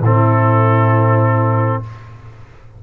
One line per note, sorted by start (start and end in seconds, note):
0.00 1.78 A2
0.00 1.83 C4
0.00 1.81 E4
0.00 1.83 A4